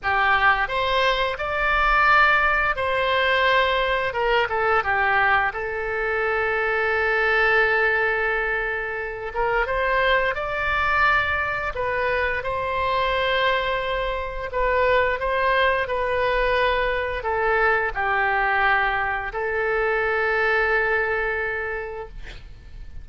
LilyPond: \new Staff \with { instrumentName = "oboe" } { \time 4/4 \tempo 4 = 87 g'4 c''4 d''2 | c''2 ais'8 a'8 g'4 | a'1~ | a'4. ais'8 c''4 d''4~ |
d''4 b'4 c''2~ | c''4 b'4 c''4 b'4~ | b'4 a'4 g'2 | a'1 | }